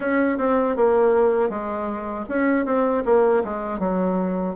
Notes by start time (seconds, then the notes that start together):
0.00 C#4
0.38 C4
0.76 A#3
1.49 G#3
2.29 C#4
2.65 C4
3.05 A#3
3.44 G#3
3.79 F#3